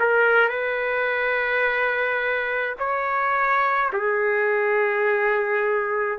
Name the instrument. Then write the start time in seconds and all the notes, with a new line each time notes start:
trumpet
0.00 A#4
0.49 B4
2.79 C#5
3.93 G#4